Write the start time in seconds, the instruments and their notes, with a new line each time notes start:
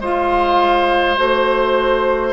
0.00 bassoon G#3, clarinet F4, oboe C5, flute F5
1.15 bassoon A3, clarinet F#4, flute C5